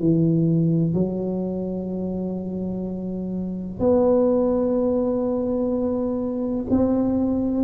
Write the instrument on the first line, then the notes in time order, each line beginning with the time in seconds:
tuba
0.00 E3
0.94 F#3
3.80 B3
6.70 C4